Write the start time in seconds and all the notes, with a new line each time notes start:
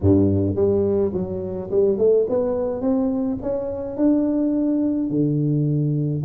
0.01 G2
0.55 G3
1.13 F#3
1.70 G3
1.98 A3
2.29 B3
2.81 C4
3.42 C#4
3.96 D4
5.09 D3